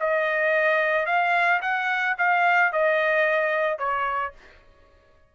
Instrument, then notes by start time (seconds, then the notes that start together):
trumpet
0.00 D#5
1.06 F5
1.62 F#5
2.18 F5
2.72 D#5
3.78 C#5